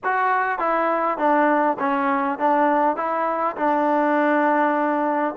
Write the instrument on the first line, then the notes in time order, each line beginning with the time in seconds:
trombone
0.04 F#4
0.58 E4
1.17 D4
1.79 C#4
2.38 D4
2.96 E4
3.56 D4